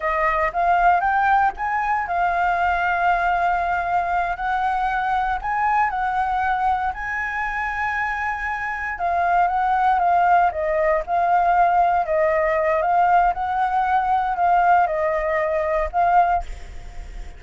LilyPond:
\new Staff \with { instrumentName = "flute" } { \time 4/4 \tempo 4 = 117 dis''4 f''4 g''4 gis''4 | f''1~ | f''8 fis''2 gis''4 fis''8~ | fis''4. gis''2~ gis''8~ |
gis''4. f''4 fis''4 f''8~ | f''8 dis''4 f''2 dis''8~ | dis''4 f''4 fis''2 | f''4 dis''2 f''4 | }